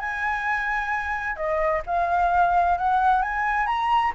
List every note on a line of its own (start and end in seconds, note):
0.00 1.36 G#5
1.36 1.82 D#5
1.86 2.78 F5
2.78 3.22 F#5
3.22 3.67 G#5
3.67 4.13 A#5